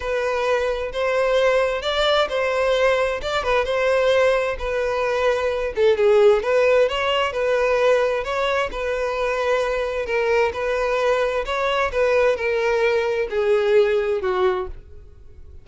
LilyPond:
\new Staff \with { instrumentName = "violin" } { \time 4/4 \tempo 4 = 131 b'2 c''2 | d''4 c''2 d''8 b'8 | c''2 b'2~ | b'8 a'8 gis'4 b'4 cis''4 |
b'2 cis''4 b'4~ | b'2 ais'4 b'4~ | b'4 cis''4 b'4 ais'4~ | ais'4 gis'2 fis'4 | }